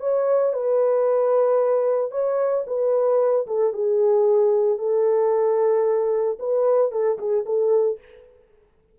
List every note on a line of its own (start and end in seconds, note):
0.00 0.53 C#5
0.53 2.11 B4
2.11 2.64 C#5
2.67 3.46 B4
3.47 3.73 A4
3.73 4.79 G#4
4.79 6.38 A4
6.39 6.91 B4
6.91 7.18 A4
7.18 7.45 G#4
7.46 7.99 A4